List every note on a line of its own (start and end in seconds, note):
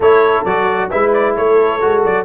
0.00 0.43 A3
0.00 0.46 E4
0.00 0.90 A4
0.00 0.45 C#5
0.45 0.90 F#3
0.45 0.90 F#4
0.45 0.90 D5
0.90 1.38 G#3
0.90 1.80 E4
0.90 1.35 B4
0.90 1.13 E5
1.13 1.36 D5
1.36 1.83 A3
1.36 2.24 A4
1.36 2.03 C#5
1.80 2.05 G#3
1.80 2.24 F#4
2.05 2.24 F#3
2.05 2.24 D5